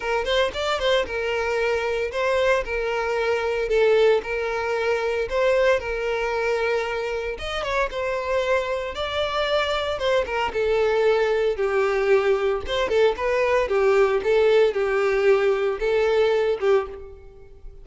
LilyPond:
\new Staff \with { instrumentName = "violin" } { \time 4/4 \tempo 4 = 114 ais'8 c''8 d''8 c''8 ais'2 | c''4 ais'2 a'4 | ais'2 c''4 ais'4~ | ais'2 dis''8 cis''8 c''4~ |
c''4 d''2 c''8 ais'8 | a'2 g'2 | c''8 a'8 b'4 g'4 a'4 | g'2 a'4. g'8 | }